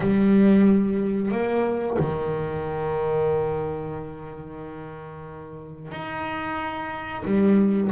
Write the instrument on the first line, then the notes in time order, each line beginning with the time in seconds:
double bass
0.00 G3
1.31 A#3
1.99 D#3
5.91 D#4
7.24 G3